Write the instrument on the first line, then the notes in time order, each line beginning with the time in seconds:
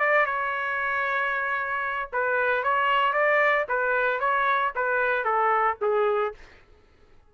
trumpet
0.00 D5
0.26 C#5
2.13 B4
2.64 C#5
3.13 D5
3.69 B4
4.20 C#5
4.76 B4
5.25 A4
5.82 G#4